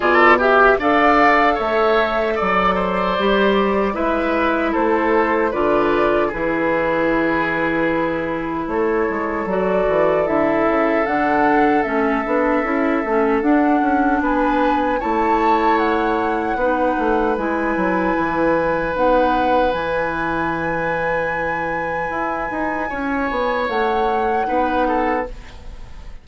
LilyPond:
<<
  \new Staff \with { instrumentName = "flute" } { \time 4/4 \tempo 4 = 76 d''8 e''8 f''4 e''4 d''4~ | d''4 e''4 c''4 d''4 | b'2. cis''4 | d''4 e''4 fis''4 e''4~ |
e''4 fis''4 gis''4 a''4 | fis''2 gis''2 | fis''4 gis''2.~ | gis''2 fis''2 | }
  \new Staff \with { instrumentName = "oboe" } { \time 4/4 a'8 g'8 d''4 cis''4 d''8 c''8~ | c''4 b'4 a'4 b'4 | gis'2. a'4~ | a'1~ |
a'2 b'4 cis''4~ | cis''4 b'2.~ | b'1~ | b'4 cis''2 b'8 a'8 | }
  \new Staff \with { instrumentName = "clarinet" } { \time 4/4 f'8 g'8 a'2. | g'4 e'2 f'4 | e'1 | fis'4 e'4 d'4 cis'8 d'8 |
e'8 cis'8 d'2 e'4~ | e'4 dis'4 e'2 | dis'4 e'2.~ | e'2. dis'4 | }
  \new Staff \with { instrumentName = "bassoon" } { \time 4/4 b,4 d'4 a4 fis4 | g4 gis4 a4 d4 | e2. a8 gis8 | fis8 e8 d8 cis8 d4 a8 b8 |
cis'8 a8 d'8 cis'8 b4 a4~ | a4 b8 a8 gis8 fis8 e4 | b4 e2. | e'8 dis'8 cis'8 b8 a4 b4 | }
>>